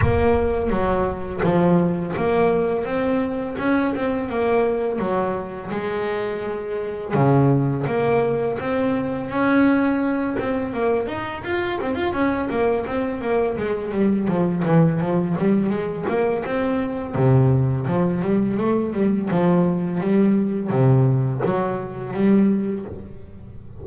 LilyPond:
\new Staff \with { instrumentName = "double bass" } { \time 4/4 \tempo 4 = 84 ais4 fis4 f4 ais4 | c'4 cis'8 c'8 ais4 fis4 | gis2 cis4 ais4 | c'4 cis'4. c'8 ais8 dis'8 |
f'8 c'16 f'16 cis'8 ais8 c'8 ais8 gis8 g8 | f8 e8 f8 g8 gis8 ais8 c'4 | c4 f8 g8 a8 g8 f4 | g4 c4 fis4 g4 | }